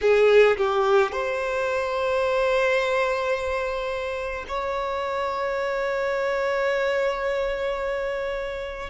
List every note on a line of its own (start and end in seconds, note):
0.01 0.57 G#4
0.57 1.12 G4
1.12 4.45 C5
4.47 8.89 C#5